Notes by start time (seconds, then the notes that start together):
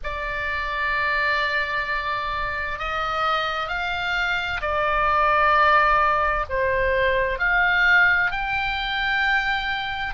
0.03 D5
2.78 D#5
3.68 F5
4.61 D5
6.49 C5
7.38 F5
8.31 G5